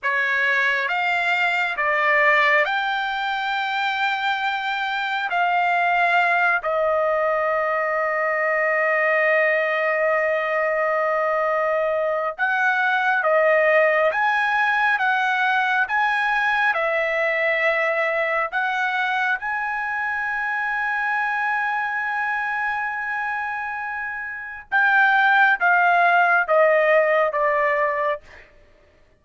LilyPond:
\new Staff \with { instrumentName = "trumpet" } { \time 4/4 \tempo 4 = 68 cis''4 f''4 d''4 g''4~ | g''2 f''4. dis''8~ | dis''1~ | dis''2 fis''4 dis''4 |
gis''4 fis''4 gis''4 e''4~ | e''4 fis''4 gis''2~ | gis''1 | g''4 f''4 dis''4 d''4 | }